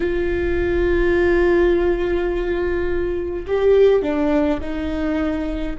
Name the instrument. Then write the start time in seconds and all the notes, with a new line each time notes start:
viola
0.00 F4
3.47 G4
4.02 D4
4.60 D#4